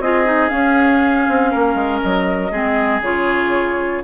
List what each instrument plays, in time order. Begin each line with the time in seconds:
0.00 bassoon C4, clarinet F4, oboe G#4, flute D#5
0.26 clarinet D#4
0.49 clarinet C#4, bassoon C#4, flute F5
1.29 bassoon C4
1.51 bassoon A#3, oboe A#4
1.75 bassoon G#3
2.01 bassoon F#3, flute D#5
2.52 bassoon G#3, clarinet C4, oboe G#4
3.01 bassoon C#3, clarinet F4, flute C#5